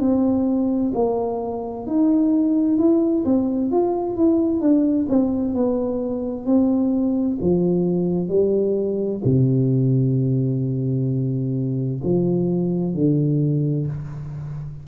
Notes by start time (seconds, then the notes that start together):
0.00 C4
0.94 A#3
1.87 D#4
2.78 E4
3.25 C4
3.71 F4
4.16 E4
4.61 D4
5.09 C4
5.54 B3
6.46 C4
7.41 F3
8.29 G3
9.25 C3
12.04 F3
12.94 D3